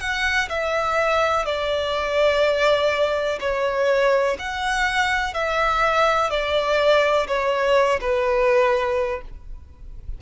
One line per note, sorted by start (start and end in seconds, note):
0.00 0.48 F#5
0.49 1.45 E5
1.45 3.39 D5
3.40 4.36 C#5
4.39 5.33 F#5
5.33 6.30 E5
6.30 7.27 D5
7.27 7.99 C#5
8.00 9.21 B4